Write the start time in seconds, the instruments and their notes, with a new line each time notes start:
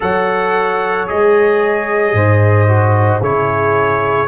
0.00 tuba F#3, trombone A4, horn C#5, trumpet F#5
1.06 tuba G#3, trombone G#4, trumpet D#5
2.13 tuba G#2, horn C5
2.68 trombone F#4
3.20 tuba C#3, trombone E4, horn G#4, trumpet C#5